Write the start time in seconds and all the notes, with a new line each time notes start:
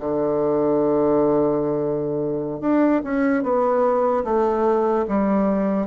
0.00 D3
2.61 D4
3.04 C#4
3.43 B3
4.25 A3
5.08 G3